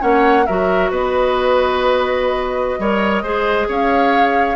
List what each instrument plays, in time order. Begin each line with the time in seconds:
0.00 bassoon A#3, clarinet C#4, oboe C#5, flute F#5
0.46 bassoon F#3, clarinet F#4, oboe A#4, flute E5
0.90 bassoon B3, oboe B4, flute D#5
2.79 bassoon G3, clarinet A#4, oboe C#5
3.23 bassoon G#3, clarinet G#4, oboe C5
3.68 bassoon C#4, oboe C#5, flute F5